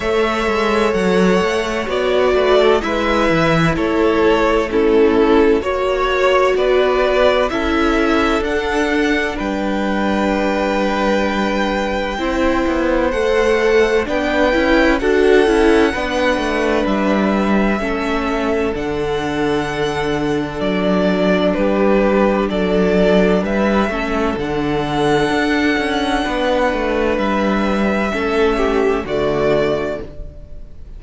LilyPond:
<<
  \new Staff \with { instrumentName = "violin" } { \time 4/4 \tempo 4 = 64 e''4 fis''4 d''4 e''4 | cis''4 a'4 cis''4 d''4 | e''4 fis''4 g''2~ | g''2 fis''4 g''4 |
fis''2 e''2 | fis''2 d''4 b'4 | d''4 e''4 fis''2~ | fis''4 e''2 d''4 | }
  \new Staff \with { instrumentName = "violin" } { \time 4/4 cis''2~ cis''8 b'16 a'16 b'4 | a'4 e'4 cis''4 b'4 | a'2 b'2~ | b'4 c''2 b'4 |
a'4 b'2 a'4~ | a'2. g'4 | a'4 b'8 a'2~ a'8 | b'2 a'8 g'8 fis'4 | }
  \new Staff \with { instrumentName = "viola" } { \time 4/4 a'2 fis'4 e'4~ | e'4 cis'4 fis'2 | e'4 d'2.~ | d'4 e'4 a'4 d'8 e'8 |
fis'8 e'8 d'2 cis'4 | d'1~ | d'4. cis'8 d'2~ | d'2 cis'4 a4 | }
  \new Staff \with { instrumentName = "cello" } { \time 4/4 a8 gis8 fis8 a8 b8 a8 gis8 e8 | a2 ais4 b4 | cis'4 d'4 g2~ | g4 c'8 b8 a4 b8 cis'8 |
d'8 cis'8 b8 a8 g4 a4 | d2 fis4 g4 | fis4 g8 a8 d4 d'8 cis'8 | b8 a8 g4 a4 d4 | }
>>